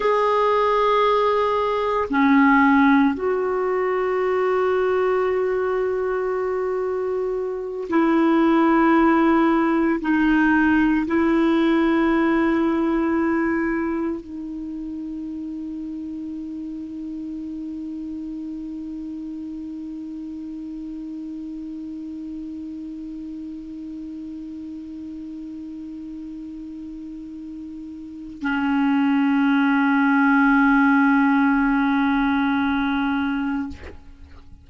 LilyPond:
\new Staff \with { instrumentName = "clarinet" } { \time 4/4 \tempo 4 = 57 gis'2 cis'4 fis'4~ | fis'2.~ fis'8 e'8~ | e'4. dis'4 e'4.~ | e'4. dis'2~ dis'8~ |
dis'1~ | dis'1~ | dis'2. cis'4~ | cis'1 | }